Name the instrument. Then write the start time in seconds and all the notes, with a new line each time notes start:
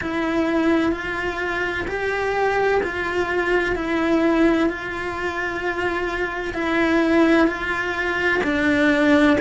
cello
0.01 E4
0.92 F4
1.87 G4
2.83 F4
3.75 E4
4.69 F4
6.54 E4
7.47 F4
8.43 D4